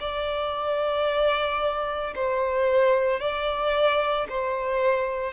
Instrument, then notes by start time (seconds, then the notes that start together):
violin
0.00 D5
2.15 C5
3.20 D5
4.30 C5